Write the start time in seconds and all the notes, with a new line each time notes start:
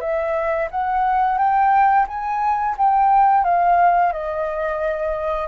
0.00 E5
0.71 F#5
1.38 G5
2.07 G#5
2.77 G5
3.44 F5
4.12 D#5